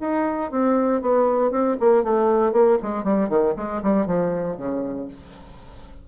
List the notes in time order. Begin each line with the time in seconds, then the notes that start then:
0.00 D#4
0.51 C4
1.01 B3
1.51 C4
1.80 A#3
2.03 A3
2.52 A#3
2.82 G#3
3.03 G3
3.29 D#3
3.56 G#3
3.82 G3
4.06 F3
4.57 C#3